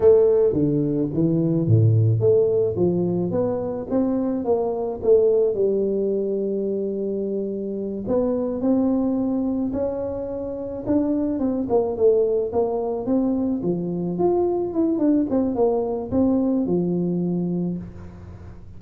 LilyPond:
\new Staff \with { instrumentName = "tuba" } { \time 4/4 \tempo 4 = 108 a4 d4 e4 a,4 | a4 f4 b4 c'4 | ais4 a4 g2~ | g2~ g8 b4 c'8~ |
c'4. cis'2 d'8~ | d'8 c'8 ais8 a4 ais4 c'8~ | c'8 f4 f'4 e'8 d'8 c'8 | ais4 c'4 f2 | }